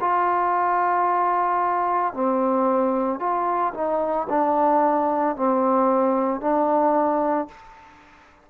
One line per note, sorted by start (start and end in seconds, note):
0.00 2.13 F4
2.13 3.19 C4
3.19 3.73 F4
3.74 4.27 D#4
4.29 5.35 D4
5.35 6.40 C4
6.40 7.48 D4